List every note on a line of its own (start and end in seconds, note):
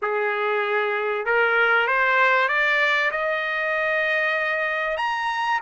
0.02 1.25 G#4
1.25 1.87 A#4
1.87 2.48 C5
2.48 3.11 D5
3.11 4.97 D#5
4.97 5.59 A#5